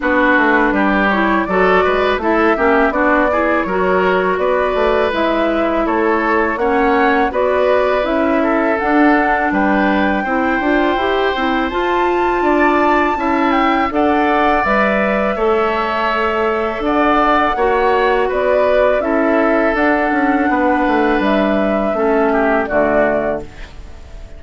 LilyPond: <<
  \new Staff \with { instrumentName = "flute" } { \time 4/4 \tempo 4 = 82 b'4. cis''8 d''4 e''4 | d''4 cis''4 d''4 e''4 | cis''4 fis''4 d''4 e''4 | fis''4 g''2. |
a''2~ a''8 g''8 fis''4 | e''2. fis''4~ | fis''4 d''4 e''4 fis''4~ | fis''4 e''2 d''4 | }
  \new Staff \with { instrumentName = "oboe" } { \time 4/4 fis'4 g'4 a'8 b'8 a'8 g'8 | fis'8 gis'8 ais'4 b'2 | a'4 cis''4 b'4. a'8~ | a'4 b'4 c''2~ |
c''4 d''4 e''4 d''4~ | d''4 cis''2 d''4 | cis''4 b'4 a'2 | b'2 a'8 g'8 fis'4 | }
  \new Staff \with { instrumentName = "clarinet" } { \time 4/4 d'4. e'8 fis'4 e'8 cis'8 | d'8 e'8 fis'2 e'4~ | e'4 cis'4 fis'4 e'4 | d'2 e'8 f'8 g'8 e'8 |
f'2 e'4 a'4 | b'4 a'2. | fis'2 e'4 d'4~ | d'2 cis'4 a4 | }
  \new Staff \with { instrumentName = "bassoon" } { \time 4/4 b8 a8 g4 fis8 gis8 a8 ais8 | b4 fis4 b8 a8 gis4 | a4 ais4 b4 cis'4 | d'4 g4 c'8 d'8 e'8 c'8 |
f'4 d'4 cis'4 d'4 | g4 a2 d'4 | ais4 b4 cis'4 d'8 cis'8 | b8 a8 g4 a4 d4 | }
>>